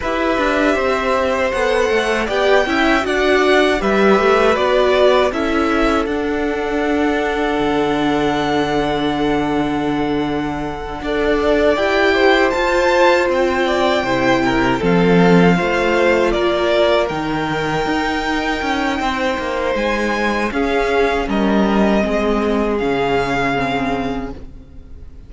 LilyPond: <<
  \new Staff \with { instrumentName = "violin" } { \time 4/4 \tempo 4 = 79 e''2 fis''4 g''4 | fis''4 e''4 d''4 e''4 | fis''1~ | fis''2.~ fis''8 g''8~ |
g''8 a''4 g''2 f''8~ | f''4. d''4 g''4.~ | g''2 gis''4 f''4 | dis''2 f''2 | }
  \new Staff \with { instrumentName = "violin" } { \time 4/4 b'4 c''2 d''8 e''8 | d''4 b'2 a'4~ | a'1~ | a'2~ a'8 d''4. |
c''2 d''8 c''8 ais'8 a'8~ | a'8 c''4 ais'2~ ais'8~ | ais'4 c''2 gis'4 | ais'4 gis'2. | }
  \new Staff \with { instrumentName = "viola" } { \time 4/4 g'2 a'4 g'8 e'8 | fis'4 g'4 fis'4 e'4 | d'1~ | d'2~ d'8 a'4 g'8~ |
g'8 f'2 e'4 c'8~ | c'8 f'2 dis'4.~ | dis'2. cis'4~ | cis'4 c'4 cis'4 c'4 | }
  \new Staff \with { instrumentName = "cello" } { \time 4/4 e'8 d'8 c'4 b8 a8 b8 cis'8 | d'4 g8 a8 b4 cis'4 | d'2 d2~ | d2~ d8 d'4 e'8~ |
e'8 f'4 c'4 c4 f8~ | f8 a4 ais4 dis4 dis'8~ | dis'8 cis'8 c'8 ais8 gis4 cis'4 | g4 gis4 cis2 | }
>>